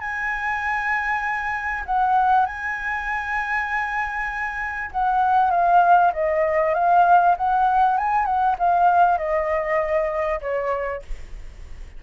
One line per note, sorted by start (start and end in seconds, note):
0.00 1.84 G#5
1.85 2.45 F#5
2.45 4.90 G#5
4.91 5.50 F#5
5.50 6.11 F5
6.13 6.74 D#5
6.74 7.35 F5
7.37 7.97 F#5
7.97 8.25 G#5
8.25 8.56 F#5
8.58 9.18 F5
9.18 10.40 D#5
10.41 11.02 C#5